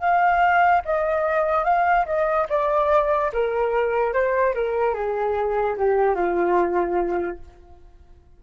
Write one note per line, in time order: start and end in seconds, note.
0.00 0.82 F5
0.86 1.65 D#5
1.65 2.06 F5
2.06 2.47 D#5
2.50 3.32 D5
3.33 4.14 A#4
4.14 4.55 C5
4.55 4.95 A#4
4.95 5.77 G#4
5.78 6.15 G4
6.15 7.39 F4